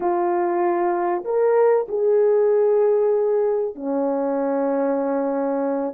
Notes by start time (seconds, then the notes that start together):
0.00 F4
1.24 A#4
1.88 G#4
3.75 C#4